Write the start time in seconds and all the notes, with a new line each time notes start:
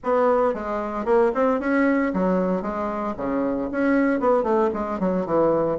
0.03 B3
0.54 G#3
1.05 A#3
1.34 C4
1.60 C#4
2.13 F#3
2.61 G#3
3.17 C#3
3.71 C#4
4.19 B3
4.43 A3
4.73 G#3
4.99 F#3
5.26 E3